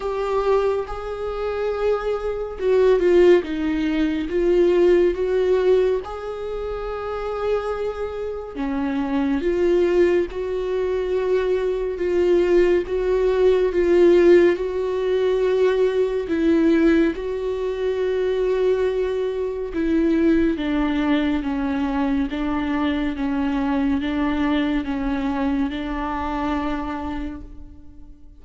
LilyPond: \new Staff \with { instrumentName = "viola" } { \time 4/4 \tempo 4 = 70 g'4 gis'2 fis'8 f'8 | dis'4 f'4 fis'4 gis'4~ | gis'2 cis'4 f'4 | fis'2 f'4 fis'4 |
f'4 fis'2 e'4 | fis'2. e'4 | d'4 cis'4 d'4 cis'4 | d'4 cis'4 d'2 | }